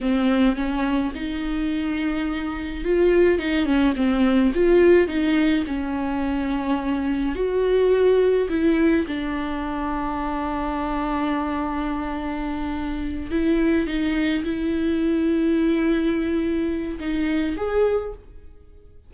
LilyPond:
\new Staff \with { instrumentName = "viola" } { \time 4/4 \tempo 4 = 106 c'4 cis'4 dis'2~ | dis'4 f'4 dis'8 cis'8 c'4 | f'4 dis'4 cis'2~ | cis'4 fis'2 e'4 |
d'1~ | d'2.~ d'8 e'8~ | e'8 dis'4 e'2~ e'8~ | e'2 dis'4 gis'4 | }